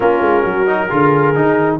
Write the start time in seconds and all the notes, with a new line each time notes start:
0.00 A#3 C#4 F4 A#4
0.20 G#3
0.42 F#3 F#4
0.66 D#4
0.88 D3 F4 G#4
1.35 D#3 D#4